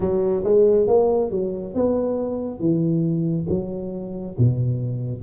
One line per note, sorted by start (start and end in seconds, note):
0.00 0.43 F#3
0.43 0.87 G#3
0.87 1.30 A#3
1.30 1.74 F#3
1.74 2.59 B3
2.59 3.46 E3
3.49 4.36 F#3
4.38 5.23 B2